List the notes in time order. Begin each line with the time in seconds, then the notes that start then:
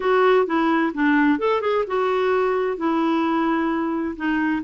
0.00 F#4
0.46 E4
0.94 D4
1.38 A4
1.61 G#4
1.87 F#4
2.77 E4
4.16 D#4